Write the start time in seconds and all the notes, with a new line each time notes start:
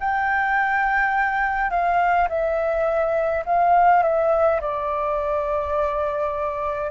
0.00 G5
1.70 F5
2.29 E5
3.46 F5
4.03 E5
4.61 D5